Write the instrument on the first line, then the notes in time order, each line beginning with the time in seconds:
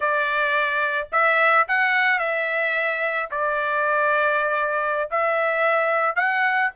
trumpet
0.00 D5
1.12 E5
1.68 F#5
2.19 E5
3.30 D5
5.10 E5
6.15 F#5